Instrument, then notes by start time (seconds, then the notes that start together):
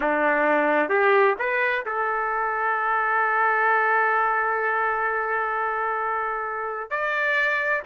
trumpet
0.00 D4
0.89 G4
1.38 B4
1.85 A4
6.90 D5